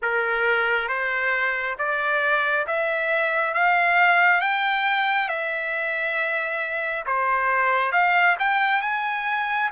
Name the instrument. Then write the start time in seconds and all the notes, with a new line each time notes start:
trumpet
0.02 A#4
0.88 C5
1.78 D5
2.67 E5
3.54 F5
4.40 G5
5.28 E5
7.05 C5
7.92 F5
8.39 G5
8.81 G#5